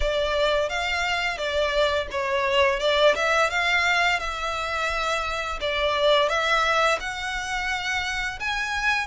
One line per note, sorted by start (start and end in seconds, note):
0.00 0.68 D5
0.68 1.37 F5
1.37 2.07 D5
2.11 2.79 C#5
2.79 3.14 D5
3.15 3.49 E5
3.49 4.19 F5
4.19 5.59 E5
5.60 6.28 D5
6.28 6.98 E5
7.00 8.39 F#5
8.39 9.07 G#5